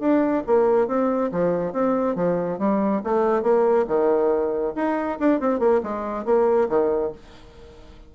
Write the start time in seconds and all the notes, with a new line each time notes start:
0.00 D4
0.47 A#3
0.88 C4
1.32 F3
1.72 C4
2.16 F3
2.59 G3
3.04 A3
3.43 A#3
3.88 D#3
4.75 D#4
5.19 D4
5.40 C4
5.60 A#3
5.83 G#3
6.25 A#3
6.69 D#3